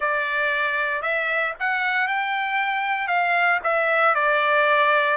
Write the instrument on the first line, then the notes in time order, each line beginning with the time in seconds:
trumpet
0.00 D5
1.02 E5
1.59 F#5
2.07 G5
3.07 F5
3.63 E5
4.14 D5